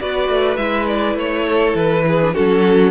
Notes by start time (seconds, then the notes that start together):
0.00 B3 F#4 B4 D5
0.29 A3
0.57 G#3 E4 E5
0.87 D5
1.15 A3 C#5
1.46 A4
1.75 E3 B4
2.08 G#4
2.21 D4
2.34 F#3 C#4 F#4 A4